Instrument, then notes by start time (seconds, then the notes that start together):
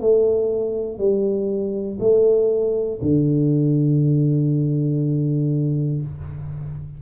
tuba
0.00 A3
0.98 G3
2.00 A3
3.02 D3